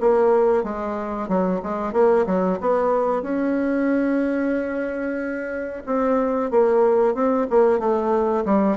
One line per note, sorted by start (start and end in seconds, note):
0.00 0.63 A#3
0.63 1.28 G#3
1.28 1.61 F#3
1.62 1.93 G#3
1.93 2.25 A#3
2.26 2.59 F#3
2.60 3.22 B3
3.22 5.83 C#4
5.86 6.51 C4
6.51 7.14 A#3
7.14 7.47 C4
7.50 7.79 A#3
7.79 8.44 A3
8.45 8.77 G3